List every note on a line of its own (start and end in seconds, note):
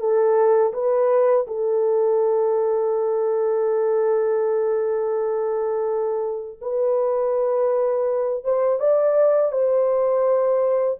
0.00 0.73 A4
0.74 1.47 B4
1.47 6.60 A4
6.61 8.44 B4
8.44 8.80 C5
8.80 9.52 D5
9.52 10.99 C5